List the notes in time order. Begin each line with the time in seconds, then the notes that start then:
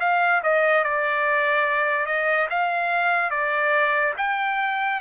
0.00 F5
0.43 D#5
0.84 D5
2.06 D#5
2.50 F5
3.30 D5
4.17 G5